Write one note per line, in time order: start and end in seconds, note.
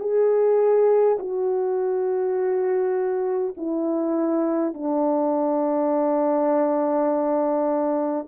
0.00 1.18 G#4
1.19 3.55 F#4
3.57 4.74 E4
4.74 8.27 D4